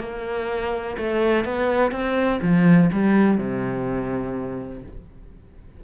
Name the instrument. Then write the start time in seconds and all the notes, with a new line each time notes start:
cello
0.00 A#3
0.98 A3
1.45 B3
1.91 C4
2.42 F3
2.93 G3
3.38 C3